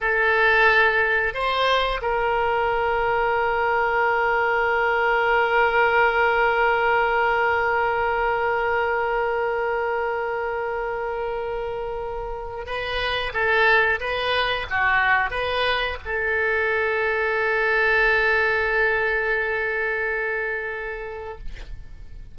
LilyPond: \new Staff \with { instrumentName = "oboe" } { \time 4/4 \tempo 4 = 90 a'2 c''4 ais'4~ | ais'1~ | ais'1~ | ais'1~ |
ais'2. b'4 | a'4 b'4 fis'4 b'4 | a'1~ | a'1 | }